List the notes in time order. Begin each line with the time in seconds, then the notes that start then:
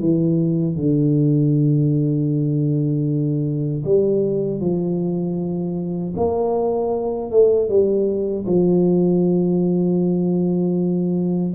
0.00 E3
0.76 D3
3.85 G3
4.61 F3
6.16 A#3
7.31 A3
7.69 G3
8.47 F3